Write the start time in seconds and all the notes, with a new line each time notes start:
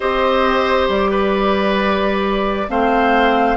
0.00 C4 G4 C5 D#5
0.88 G3 D5
1.10 B4
2.68 A3 C4 C5 F5